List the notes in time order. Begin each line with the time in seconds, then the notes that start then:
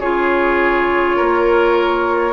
0.00 C#3 F4 G#4 C#5
1.16 A#3 A#4